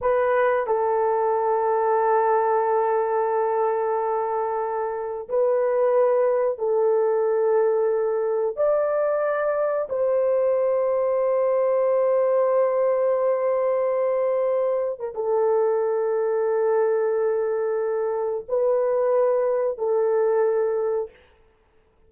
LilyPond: \new Staff \with { instrumentName = "horn" } { \time 4/4 \tempo 4 = 91 b'4 a'2.~ | a'1 | b'2 a'2~ | a'4 d''2 c''4~ |
c''1~ | c''2~ c''8. ais'16 a'4~ | a'1 | b'2 a'2 | }